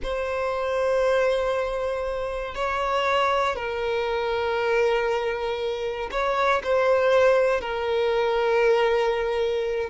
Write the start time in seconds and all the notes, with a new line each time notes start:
0.03 C5
2.54 C#5
3.55 A#4
6.11 C#5
6.63 C5
7.61 A#4